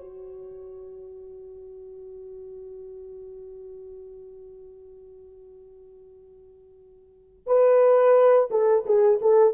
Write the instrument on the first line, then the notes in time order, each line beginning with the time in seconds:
horn
0.00 F#4
7.47 B4
8.50 A4
8.86 G#4
9.21 A4